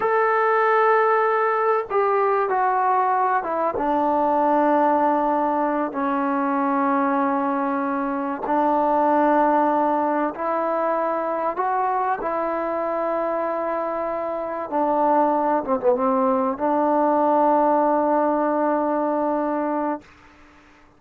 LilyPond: \new Staff \with { instrumentName = "trombone" } { \time 4/4 \tempo 4 = 96 a'2. g'4 | fis'4. e'8 d'2~ | d'4. cis'2~ cis'8~ | cis'4. d'2~ d'8~ |
d'8 e'2 fis'4 e'8~ | e'2.~ e'8 d'8~ | d'4 c'16 b16 c'4 d'4.~ | d'1 | }